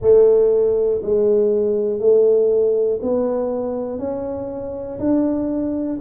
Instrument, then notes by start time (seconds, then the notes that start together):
tuba
0.01 A3
1.02 G#3
1.99 A3
3.02 B3
3.99 C#4
4.99 D4